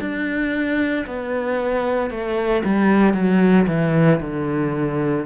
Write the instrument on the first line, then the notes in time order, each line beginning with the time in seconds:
cello
0.00 D4
1.06 B3
2.10 A3
2.65 G3
3.13 F#3
3.67 E3
4.20 D3